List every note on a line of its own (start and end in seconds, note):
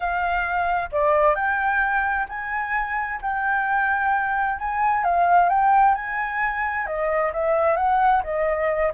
0.00 0.89 F5
0.91 1.35 D5
1.35 2.26 G5
2.28 3.20 G#5
3.21 4.58 G5
4.59 5.04 G#5
5.04 5.49 F5
5.49 5.94 G5
5.94 6.86 G#5
6.86 7.32 D#5
7.33 7.76 E5
7.76 8.22 F#5
8.23 8.92 D#5